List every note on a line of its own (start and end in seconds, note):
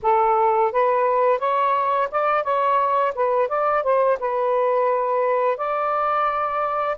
0.02 0.72 A4
0.72 1.38 B4
1.38 2.08 C#5
2.11 2.43 D5
2.43 3.13 C#5
3.14 3.48 B4
3.48 3.83 D5
3.83 4.18 C5
4.19 5.57 B4
5.57 6.96 D5